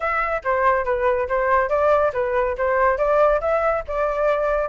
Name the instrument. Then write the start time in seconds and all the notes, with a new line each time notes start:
flute
0.00 E5
0.44 C5
0.85 B4
1.28 C5
1.69 D5
2.13 B4
2.57 C5
2.97 D5
3.40 E5
3.87 D5